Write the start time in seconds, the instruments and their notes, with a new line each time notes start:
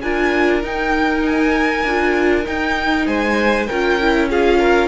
0.00 cello D4, viola F4, violin A#4 G#5
0.63 cello D#4, viola D#4, violin G5
1.26 violin G#5
1.84 cello D4, viola F4
2.45 viola D#4, cello D#4, violin G5
3.06 cello G#3, violin C5 G#5
3.66 cello C#4, viola F4, violin A#4 G5
4.01 viola E4
4.29 viola F4, violin G#4 F5
4.59 violin A#4